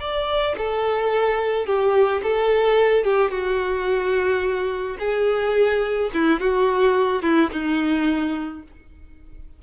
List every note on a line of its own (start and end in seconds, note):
0.00 0.56 D5
0.57 1.66 A4
1.66 2.21 G4
2.23 3.04 A4
3.04 3.31 G4
3.31 4.97 F#4
4.99 6.10 G#4
6.14 6.40 E4
6.40 7.22 F#4
7.22 7.50 E4
7.52 8.63 D#4